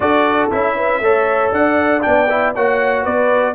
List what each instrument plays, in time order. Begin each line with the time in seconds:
0.00 tuba D4, trombone F#4, horn A4, trumpet D5
0.51 tuba C#4, trombone E4, trumpet E5
0.76 horn B4
1.00 tuba A3, trombone A4, horn C#5
1.51 tuba D4, horn D5, trumpet F#5
2.01 tuba B3, trombone D4, trumpet G5
2.29 trombone E4
2.54 tuba A#3, trombone F#4, horn C#5, trumpet F#5
3.03 tuba B3, horn B4, trumpet D5